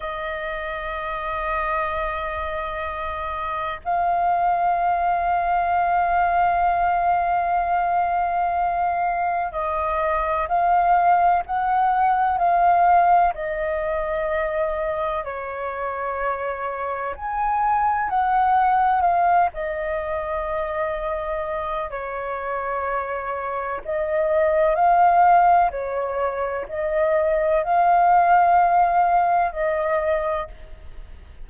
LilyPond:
\new Staff \with { instrumentName = "flute" } { \time 4/4 \tempo 4 = 63 dis''1 | f''1~ | f''2 dis''4 f''4 | fis''4 f''4 dis''2 |
cis''2 gis''4 fis''4 | f''8 dis''2~ dis''8 cis''4~ | cis''4 dis''4 f''4 cis''4 | dis''4 f''2 dis''4 | }